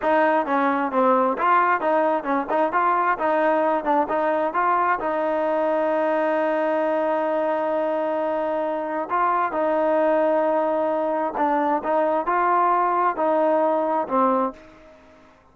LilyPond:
\new Staff \with { instrumentName = "trombone" } { \time 4/4 \tempo 4 = 132 dis'4 cis'4 c'4 f'4 | dis'4 cis'8 dis'8 f'4 dis'4~ | dis'8 d'8 dis'4 f'4 dis'4~ | dis'1~ |
dis'1 | f'4 dis'2.~ | dis'4 d'4 dis'4 f'4~ | f'4 dis'2 c'4 | }